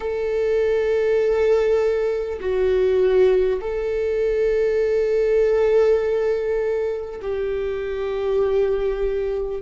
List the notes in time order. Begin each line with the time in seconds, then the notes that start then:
0.00 A4
2.40 F#4
3.61 A4
7.21 G4